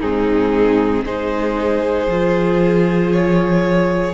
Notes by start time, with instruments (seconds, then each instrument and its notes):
0.00 cello G#2, viola C4, violin D#4 G#4
1.04 cello G#3, viola D#4, violin G#4 C5
2.08 cello F3, viola F4
3.12 violin C#5